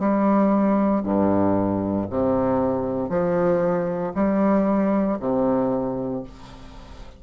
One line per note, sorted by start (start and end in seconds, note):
0.00 1.03 G3
1.03 2.07 G2
2.11 3.10 C3
3.10 4.13 F3
4.15 5.19 G3
5.20 6.24 C3